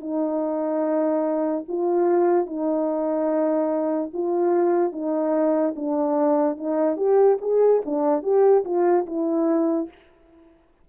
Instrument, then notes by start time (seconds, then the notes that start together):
horn
0.00 D#4
1.68 F4
2.46 D#4
4.13 F4
4.92 D#4
5.76 D4
6.57 D#4
6.96 G4
7.41 G#4
7.85 D4
8.23 G4
8.65 F4
9.06 E4